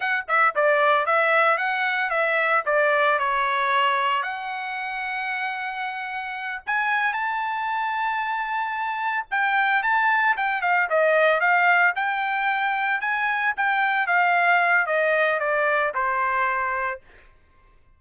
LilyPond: \new Staff \with { instrumentName = "trumpet" } { \time 4/4 \tempo 4 = 113 fis''8 e''8 d''4 e''4 fis''4 | e''4 d''4 cis''2 | fis''1~ | fis''8 gis''4 a''2~ a''8~ |
a''4. g''4 a''4 g''8 | f''8 dis''4 f''4 g''4.~ | g''8 gis''4 g''4 f''4. | dis''4 d''4 c''2 | }